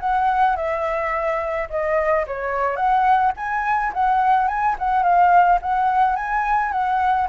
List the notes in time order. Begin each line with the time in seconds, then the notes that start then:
0.00 F#5
0.56 E5
1.70 D#5
2.27 C#5
2.76 F#5
3.36 G#5
3.93 F#5
4.48 G#5
4.78 F#5
5.03 F5
5.62 F#5
6.16 G#5
6.72 F#5